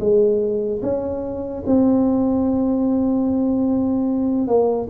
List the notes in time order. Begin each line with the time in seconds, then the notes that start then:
0.00 G#3
0.83 C#4
1.66 C4
4.47 A#3